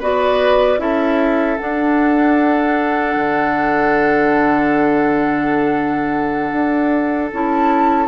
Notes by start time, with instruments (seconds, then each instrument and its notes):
0.00 bassoon B3, clarinet F#4, oboe B4, flute D5
0.78 bassoon C#4, clarinet E4, oboe A4, flute E5
1.58 clarinet D4, bassoon D4, flute F#5
3.16 bassoon D3
6.52 bassoon D4
7.33 bassoon C#4, clarinet E4, flute A5